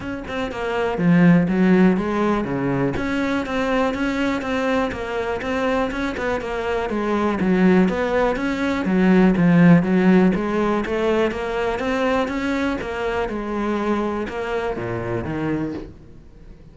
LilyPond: \new Staff \with { instrumentName = "cello" } { \time 4/4 \tempo 4 = 122 cis'8 c'8 ais4 f4 fis4 | gis4 cis4 cis'4 c'4 | cis'4 c'4 ais4 c'4 | cis'8 b8 ais4 gis4 fis4 |
b4 cis'4 fis4 f4 | fis4 gis4 a4 ais4 | c'4 cis'4 ais4 gis4~ | gis4 ais4 ais,4 dis4 | }